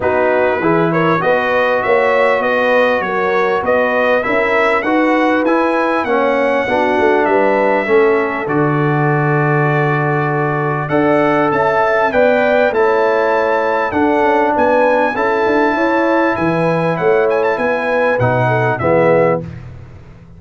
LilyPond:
<<
  \new Staff \with { instrumentName = "trumpet" } { \time 4/4 \tempo 4 = 99 b'4. cis''8 dis''4 e''4 | dis''4 cis''4 dis''4 e''4 | fis''4 gis''4 fis''2 | e''2 d''2~ |
d''2 fis''4 a''4 | g''4 a''2 fis''4 | gis''4 a''2 gis''4 | fis''8 gis''16 a''16 gis''4 fis''4 e''4 | }
  \new Staff \with { instrumentName = "horn" } { \time 4/4 fis'4 gis'8 ais'8 b'4 cis''4 | b'4 ais'4 b'4 ais'4 | b'2 cis''4 fis'4 | b'4 a'2.~ |
a'2 d''4 e''4 | d''4 cis''2 a'4 | b'4 a'4 cis''4 b'4 | cis''4 b'4. a'8 gis'4 | }
  \new Staff \with { instrumentName = "trombone" } { \time 4/4 dis'4 e'4 fis'2~ | fis'2. e'4 | fis'4 e'4 cis'4 d'4~ | d'4 cis'4 fis'2~ |
fis'2 a'2 | b'4 e'2 d'4~ | d'4 e'2.~ | e'2 dis'4 b4 | }
  \new Staff \with { instrumentName = "tuba" } { \time 4/4 b4 e4 b4 ais4 | b4 fis4 b4 cis'4 | dis'4 e'4 ais4 b8 a8 | g4 a4 d2~ |
d2 d'4 cis'4 | b4 a2 d'8 cis'8 | b4 cis'8 d'8 e'4 e4 | a4 b4 b,4 e4 | }
>>